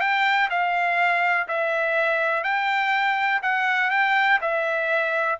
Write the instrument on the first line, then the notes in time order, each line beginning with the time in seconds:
trumpet
0.00 G5
0.50 F5
1.48 E5
2.43 G5
3.42 F#5
3.90 G5
4.41 E5